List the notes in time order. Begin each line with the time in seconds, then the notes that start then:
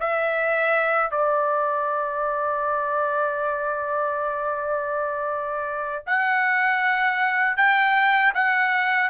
0.00 E5
1.11 D5
6.07 F#5
7.57 G5
8.34 F#5